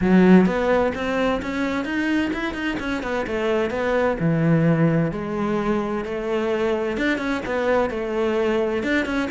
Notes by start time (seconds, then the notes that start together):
0.01 F#3
0.45 B3
0.94 C4
1.42 C#4
1.84 D#4
2.33 E4
2.53 D#4
2.79 C#4
3.02 B3
3.26 A3
3.70 B3
4.19 E3
5.11 G#3
6.04 A3
6.97 D4
7.18 C#4
7.45 B3
7.90 A3
8.83 D4
9.05 C#4